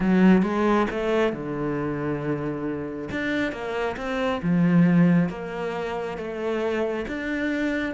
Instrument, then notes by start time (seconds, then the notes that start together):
cello
0.00 F#3
0.42 G#3
0.90 A3
1.32 D3
3.11 D4
3.52 A#3
3.97 C4
4.42 F3
5.29 A#3
6.17 A3
7.07 D4